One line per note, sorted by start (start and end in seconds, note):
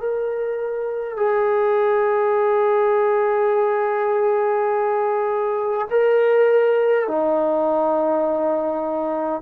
0.00 1.17 A#4
1.17 5.87 G#4
5.90 7.07 A#4
7.07 9.41 D#4